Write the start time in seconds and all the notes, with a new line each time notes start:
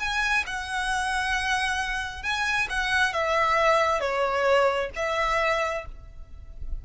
0.00 G#5
0.47 F#5
2.23 G#5
2.70 F#5
3.13 E5
4.01 C#5
4.96 E5